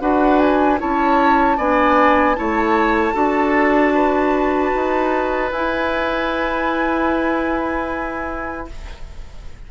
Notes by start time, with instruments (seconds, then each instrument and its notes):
0.00 bassoon D4, clarinet F#4, oboe B4, flute F#5
0.38 flute G#5
0.78 bassoon C#4, clarinet E4, oboe C#5, flute A5
1.57 bassoon B3, clarinet D4, oboe D5, flute G#5
2.35 bassoon A3, clarinet E4, oboe C#5, flute A5
3.13 bassoon D4, clarinet F#4, oboe A4
3.94 oboe B4
4.74 bassoon D#4
5.51 bassoon E4, clarinet E4, flute G#5